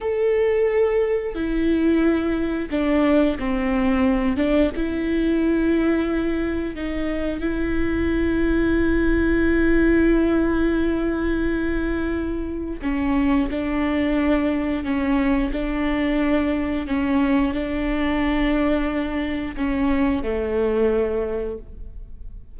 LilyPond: \new Staff \with { instrumentName = "viola" } { \time 4/4 \tempo 4 = 89 a'2 e'2 | d'4 c'4. d'8 e'4~ | e'2 dis'4 e'4~ | e'1~ |
e'2. cis'4 | d'2 cis'4 d'4~ | d'4 cis'4 d'2~ | d'4 cis'4 a2 | }